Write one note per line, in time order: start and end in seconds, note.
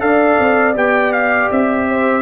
0.00 0.39 D4
0.00 0.74 A4
0.00 1.89 D5
0.00 0.75 F5
0.40 0.76 C4
0.75 1.50 B3
0.75 2.22 G4
0.75 1.12 G5
1.12 1.49 F5
1.51 2.22 C4
1.51 2.22 E5
1.89 2.22 C5